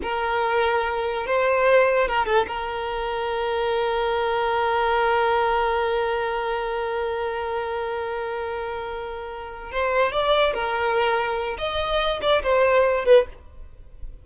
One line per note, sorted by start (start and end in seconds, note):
0.02 1.26 A#4
1.26 2.07 C5
2.07 2.25 A#4
2.25 2.46 A4
2.47 9.71 A#4
9.71 10.12 C5
10.12 10.53 D5
10.53 11.57 A#4
11.58 12.20 D#5
12.21 12.42 D5
12.43 13.05 C5
13.05 13.25 B4